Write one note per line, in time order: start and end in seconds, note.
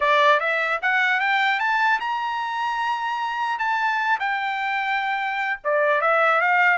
0.00 0.40 D5
0.40 0.80 E5
0.82 1.19 F#5
1.19 1.59 G5
1.59 1.99 A5
2.00 3.59 A#5
3.59 4.19 A5
4.19 5.59 G5
5.63 6.01 D5
6.01 6.41 E5
6.41 6.77 F5